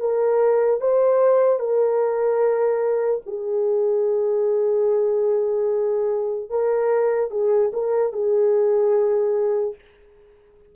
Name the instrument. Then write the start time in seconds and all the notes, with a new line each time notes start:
horn
0.00 A#4
0.81 C5
1.59 A#4
3.27 G#4
6.50 A#4
7.31 G#4
7.73 A#4
8.13 G#4